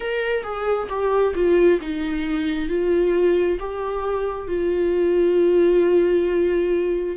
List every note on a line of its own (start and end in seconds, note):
0.00 0.43 A#4
0.43 0.88 G#4
0.89 1.34 G4
1.34 1.79 F4
1.80 2.68 D#4
2.68 3.58 F4
3.59 4.47 G4
4.47 7.16 F4